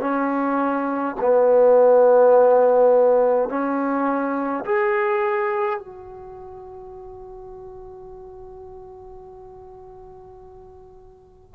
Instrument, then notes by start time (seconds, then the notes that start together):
trombone
0.00 C#4
1.20 B3
3.49 C#4
4.64 G#4
5.78 F#4